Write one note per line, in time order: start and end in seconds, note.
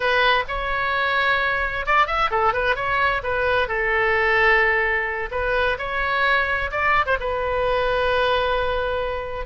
0.00 0.44 B4
0.47 1.85 C#5
1.85 2.06 D5
2.06 2.30 E5
2.31 2.53 A4
2.53 2.75 B4
2.75 3.21 C#5
3.23 3.68 B4
3.68 5.29 A4
5.31 5.77 B4
5.78 6.70 C#5
6.71 7.05 D5
7.06 7.17 C5
7.20 9.46 B4